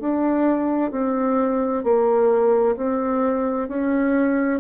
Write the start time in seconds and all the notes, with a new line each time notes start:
0.00 D4
0.91 C4
1.84 A#3
2.77 C4
3.69 C#4